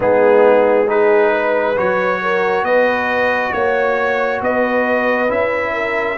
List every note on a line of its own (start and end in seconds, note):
0.00 1.76 G#3
0.00 0.87 B3
0.00 0.87 D#4
0.00 0.89 G#4
0.87 1.75 D#4
0.87 1.32 G#4
0.87 1.78 B4
1.32 2.20 B4
1.76 2.62 F#3
1.76 5.28 F#4
1.76 2.65 C#5
2.22 2.64 A#4
2.62 3.51 B3
2.62 3.52 B4
2.62 3.52 D#5
3.52 4.40 A#3
3.52 4.40 C#5
3.52 4.42 C#5
4.41 5.29 B3
4.41 5.73 B4
4.41 5.30 D#5
5.28 6.17 C#4
5.28 6.16 E4
5.28 6.17 E5
5.73 6.17 A#4